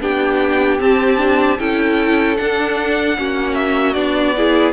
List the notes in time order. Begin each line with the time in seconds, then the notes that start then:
0.00 B3 D4 G4 G5
0.79 C4 A5
1.17 D4
1.59 C#4 E4 A4 G5
2.37 D4 F#5
3.17 A#3 C#4 F#4
3.54 E5
3.93 B3 D4 D5
4.36 E4 G#4